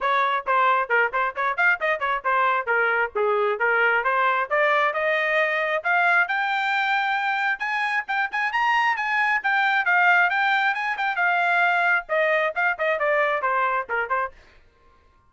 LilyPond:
\new Staff \with { instrumentName = "trumpet" } { \time 4/4 \tempo 4 = 134 cis''4 c''4 ais'8 c''8 cis''8 f''8 | dis''8 cis''8 c''4 ais'4 gis'4 | ais'4 c''4 d''4 dis''4~ | dis''4 f''4 g''2~ |
g''4 gis''4 g''8 gis''8 ais''4 | gis''4 g''4 f''4 g''4 | gis''8 g''8 f''2 dis''4 | f''8 dis''8 d''4 c''4 ais'8 c''8 | }